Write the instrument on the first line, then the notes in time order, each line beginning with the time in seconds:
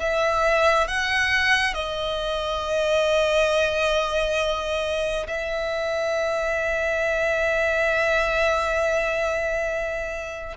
violin
0.00 E5
0.88 F#5
1.74 D#5
5.28 E5